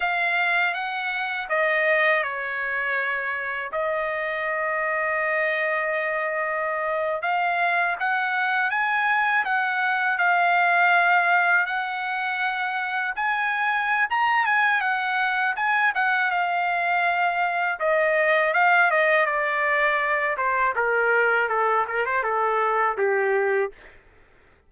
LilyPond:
\new Staff \with { instrumentName = "trumpet" } { \time 4/4 \tempo 4 = 81 f''4 fis''4 dis''4 cis''4~ | cis''4 dis''2.~ | dis''4.~ dis''16 f''4 fis''4 gis''16~ | gis''8. fis''4 f''2 fis''16~ |
fis''4.~ fis''16 gis''4~ gis''16 ais''8 gis''8 | fis''4 gis''8 fis''8 f''2 | dis''4 f''8 dis''8 d''4. c''8 | ais'4 a'8 ais'16 c''16 a'4 g'4 | }